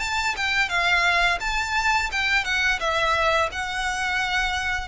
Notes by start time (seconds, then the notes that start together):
0.00 A5
0.37 G5
0.69 F5
1.40 A5
2.12 G5
2.45 F#5
2.80 E5
3.52 F#5